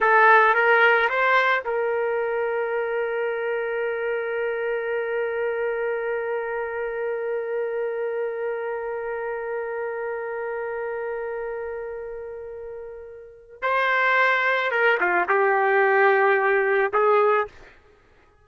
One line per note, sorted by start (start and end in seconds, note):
0.00 0.54 A4
0.54 1.08 A#4
1.09 1.64 C5
1.65 13.62 A#4
13.62 14.71 C5
14.71 14.98 A#4
15.00 15.27 F4
15.28 16.91 G4
16.93 17.47 G#4